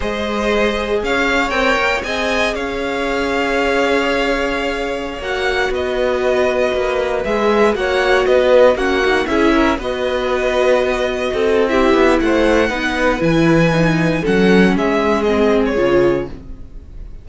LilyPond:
<<
  \new Staff \with { instrumentName = "violin" } { \time 4/4 \tempo 4 = 118 dis''2 f''4 g''4 | gis''4 f''2.~ | f''2~ f''16 fis''4 dis''8.~ | dis''2~ dis''16 e''4 fis''8.~ |
fis''16 dis''4 fis''4 e''4 dis''8.~ | dis''2. e''4 | fis''2 gis''2 | fis''4 e''4 dis''8. cis''4~ cis''16 | }
  \new Staff \with { instrumentName = "violin" } { \time 4/4 c''2 cis''2 | dis''4 cis''2.~ | cis''2.~ cis''16 b'8.~ | b'2.~ b'16 cis''8.~ |
cis''16 b'4 fis'4 gis'8 ais'8 b'8.~ | b'2~ b'16 a'8. g'4 | c''4 b'2. | a'4 gis'2. | }
  \new Staff \with { instrumentName = "viola" } { \time 4/4 gis'2. ais'4 | gis'1~ | gis'2~ gis'16 fis'4.~ fis'16~ | fis'2~ fis'16 gis'4 fis'8.~ |
fis'4~ fis'16 cis'8 dis'8 e'4 fis'8.~ | fis'2. e'4~ | e'4 dis'4 e'4 dis'4 | cis'2 c'4 f'4 | }
  \new Staff \with { instrumentName = "cello" } { \time 4/4 gis2 cis'4 c'8 ais8 | c'4 cis'2.~ | cis'2~ cis'16 ais4 b8.~ | b4~ b16 ais4 gis4 ais8.~ |
ais16 b4 ais4 cis'4 b8.~ | b2~ b16 c'4~ c'16 b8 | a4 b4 e2 | fis4 gis2 cis4 | }
>>